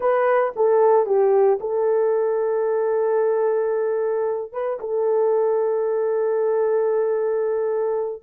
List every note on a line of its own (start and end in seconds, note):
0.00 0.53 B4
0.56 1.05 A4
1.05 1.59 G4
1.60 4.52 A4
4.52 4.79 B4
4.80 8.22 A4